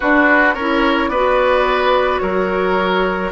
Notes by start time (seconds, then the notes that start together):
0.00 D4 F#4 B4
0.54 C#4 E4 A#4 C#5
1.08 B3 F#4 B4 D5
2.19 F#3 A#4 C#5